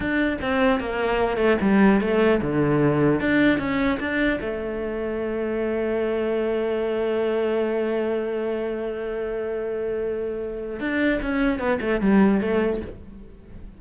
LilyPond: \new Staff \with { instrumentName = "cello" } { \time 4/4 \tempo 4 = 150 d'4 c'4 ais4. a8 | g4 a4 d2 | d'4 cis'4 d'4 a4~ | a1~ |
a1~ | a1~ | a2. d'4 | cis'4 b8 a8 g4 a4 | }